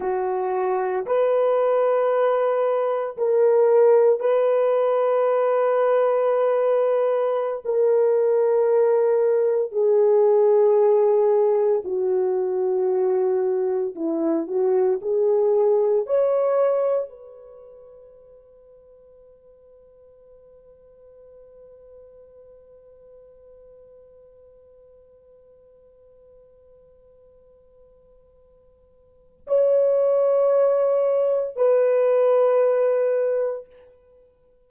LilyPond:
\new Staff \with { instrumentName = "horn" } { \time 4/4 \tempo 4 = 57 fis'4 b'2 ais'4 | b'2.~ b'16 ais'8.~ | ais'4~ ais'16 gis'2 fis'8.~ | fis'4~ fis'16 e'8 fis'8 gis'4 cis''8.~ |
cis''16 b'2.~ b'8.~ | b'1~ | b'1 | cis''2 b'2 | }